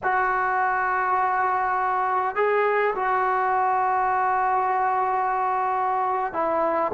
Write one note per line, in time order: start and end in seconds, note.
0.03 2.35 F#4
2.35 2.94 G#4
2.95 6.33 F#4
6.33 6.92 E4